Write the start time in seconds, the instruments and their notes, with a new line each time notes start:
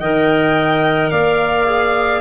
0.00 tuba D#3, clarinet A#4, saxophone D#5, violin G5
1.11 tuba A#3, saxophone D5, violin F5
1.66 clarinet G#4